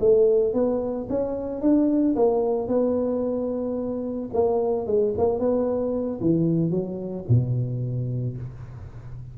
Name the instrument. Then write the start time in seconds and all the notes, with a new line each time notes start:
tuba
0.00 A3
0.54 B3
1.10 C#4
1.61 D4
2.16 A#3
2.68 B3
4.33 A#3
4.87 G#3
5.18 A#3
5.39 B3
6.21 E3
6.71 F#3
7.29 B2